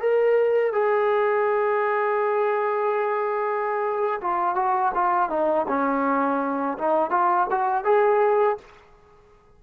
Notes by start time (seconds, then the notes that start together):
0.00 A#4
0.73 G#4
4.21 F4
4.55 F#4
4.94 F4
5.29 D#4
5.67 C#4
6.78 D#4
7.10 F4
7.50 F#4
7.84 G#4